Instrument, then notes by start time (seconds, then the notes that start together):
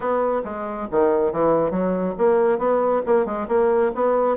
bassoon
0.00 B3
0.44 G#3
0.91 D#3
1.32 E3
1.71 F#3
2.18 A#3
2.58 B3
3.06 A#3
3.25 G#3
3.48 A#3
3.94 B3